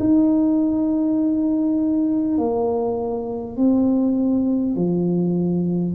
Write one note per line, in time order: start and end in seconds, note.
0.00 2.38 D#4
2.38 3.57 A#3
3.57 4.76 C4
4.76 5.96 F3